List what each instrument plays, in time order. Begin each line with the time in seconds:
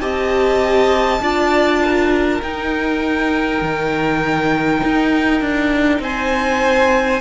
0.00 cello C4, viola G4, violin D#5 A5
1.21 cello D4, viola F4, violin D5
1.84 violin A#4
2.42 cello D#4, viola D#4, violin G5
3.62 cello D#3
4.83 cello D#4
5.41 cello D4
6.00 cello C4, violin C5 G#5